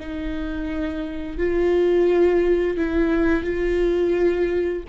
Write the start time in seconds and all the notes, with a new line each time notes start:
0.00 D#4
1.39 F4
2.77 E4
3.44 F4